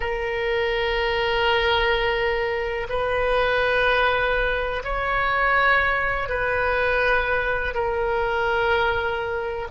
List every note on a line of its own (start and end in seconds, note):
0.00 2.87 A#4
2.89 4.82 B4
4.84 6.29 C#5
6.29 7.74 B4
7.74 9.68 A#4